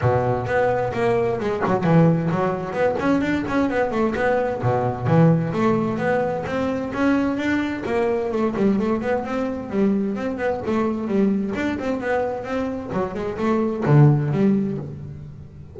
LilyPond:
\new Staff \with { instrumentName = "double bass" } { \time 4/4 \tempo 4 = 130 b,4 b4 ais4 gis8 fis8 | e4 fis4 b8 cis'8 d'8 cis'8 | b8 a8 b4 b,4 e4 | a4 b4 c'4 cis'4 |
d'4 ais4 a8 g8 a8 b8 | c'4 g4 c'8 b8 a4 | g4 d'8 c'8 b4 c'4 | fis8 gis8 a4 d4 g4 | }